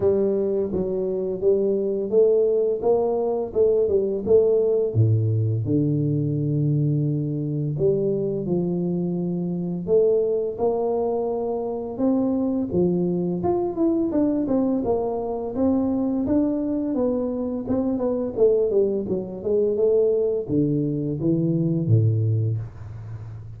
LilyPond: \new Staff \with { instrumentName = "tuba" } { \time 4/4 \tempo 4 = 85 g4 fis4 g4 a4 | ais4 a8 g8 a4 a,4 | d2. g4 | f2 a4 ais4~ |
ais4 c'4 f4 f'8 e'8 | d'8 c'8 ais4 c'4 d'4 | b4 c'8 b8 a8 g8 fis8 gis8 | a4 d4 e4 a,4 | }